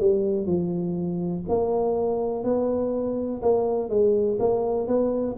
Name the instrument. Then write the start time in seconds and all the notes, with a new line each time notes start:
tuba
0.00 G3
0.46 F3
1.49 A#3
2.44 B3
3.42 A#3
3.89 G#3
4.39 A#3
4.87 B3